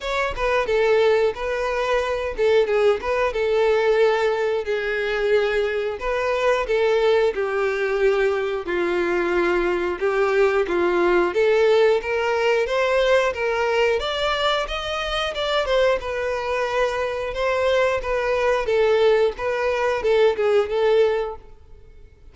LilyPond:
\new Staff \with { instrumentName = "violin" } { \time 4/4 \tempo 4 = 90 cis''8 b'8 a'4 b'4. a'8 | gis'8 b'8 a'2 gis'4~ | gis'4 b'4 a'4 g'4~ | g'4 f'2 g'4 |
f'4 a'4 ais'4 c''4 | ais'4 d''4 dis''4 d''8 c''8 | b'2 c''4 b'4 | a'4 b'4 a'8 gis'8 a'4 | }